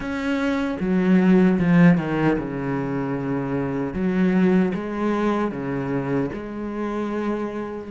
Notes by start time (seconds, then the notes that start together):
0.00 C#4
0.79 F#3
1.59 F3
1.97 D#3
2.38 C#3
3.93 F#3
4.74 G#3
5.51 C#3
6.33 G#3